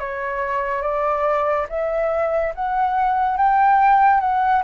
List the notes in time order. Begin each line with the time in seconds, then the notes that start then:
0.00 C#5
0.82 D5
1.69 E5
2.55 F#5
3.38 G5
4.21 F#5